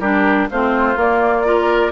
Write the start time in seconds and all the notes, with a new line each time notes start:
0.00 G3 D4 G4 A#4
0.51 A3 C4 F4 C5
0.96 A#3 D5
1.45 F4 A#4